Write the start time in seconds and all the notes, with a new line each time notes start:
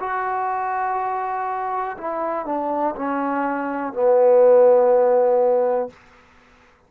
0.00 F#4
1.98 E4
2.46 D4
2.96 C#4
3.93 B3